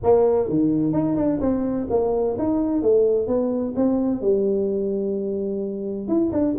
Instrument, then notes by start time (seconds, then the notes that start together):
tuba
0.03 A#3
0.49 D#3
0.93 D#4
1.16 D4
1.40 C4
1.90 A#3
2.38 D#4
2.81 A3
3.27 B3
3.75 C4
4.21 G3
6.07 E4
6.32 D4